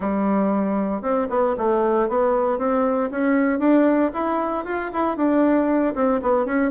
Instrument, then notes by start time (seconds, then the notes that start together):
bassoon
0.00 G3
1.02 C4
1.29 B3
1.57 A3
2.08 B3
2.58 C4
3.11 C#4
3.59 D4
4.13 E4
4.65 F4
4.92 E4
5.17 D4
5.95 C4
6.22 B3
6.45 C#4